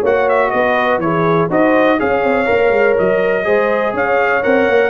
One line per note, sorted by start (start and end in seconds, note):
0.00 0.52 A#3
0.00 1.02 F#4
0.00 0.49 C#5
0.00 0.29 F#5
0.29 0.51 E5
0.51 0.98 B3
0.51 1.02 B4
0.51 1.00 D#5
0.98 1.47 E3
0.98 1.51 E4
0.98 1.50 G#4
0.98 1.49 C#5
1.50 1.99 D#4
1.50 1.99 F#4
1.50 1.99 C5
1.50 2.00 D#5
1.99 2.24 C#4
1.99 2.46 G#4
1.99 3.46 C#5
1.99 2.98 F5
2.24 2.48 C4
2.46 2.70 A#3
2.46 3.43 A#4
2.70 2.95 G#3
2.98 3.47 F#3
2.98 3.96 D#5
3.45 3.94 G#3
3.45 4.42 G#4
3.45 3.93 C5
3.93 4.43 C#4
3.93 4.90 C#5
3.93 4.43 F5
4.42 4.68 C4
4.42 4.90 A#4
4.42 4.90 F#5
4.68 4.90 A#3